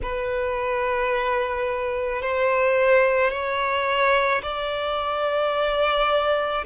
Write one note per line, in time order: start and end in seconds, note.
0.02 2.22 B4
2.22 3.30 C5
3.30 4.41 C#5
4.42 6.64 D5